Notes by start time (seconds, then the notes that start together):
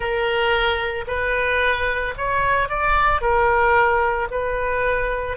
0.00 A#4
1.07 B4
2.17 C#5
2.68 D5
3.21 A#4
4.31 B4